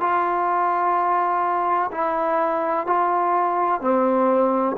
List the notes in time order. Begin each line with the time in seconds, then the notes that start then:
0.00 F4
1.91 E4
2.87 F4
3.81 C4